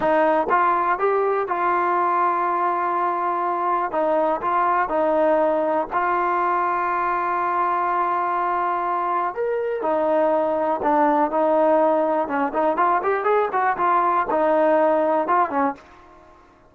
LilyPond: \new Staff \with { instrumentName = "trombone" } { \time 4/4 \tempo 4 = 122 dis'4 f'4 g'4 f'4~ | f'1 | dis'4 f'4 dis'2 | f'1~ |
f'2. ais'4 | dis'2 d'4 dis'4~ | dis'4 cis'8 dis'8 f'8 g'8 gis'8 fis'8 | f'4 dis'2 f'8 cis'8 | }